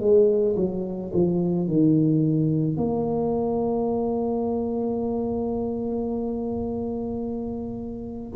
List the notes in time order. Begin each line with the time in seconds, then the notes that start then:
0.00 G#3
0.56 F#3
1.13 F3
1.67 D#3
2.77 A#3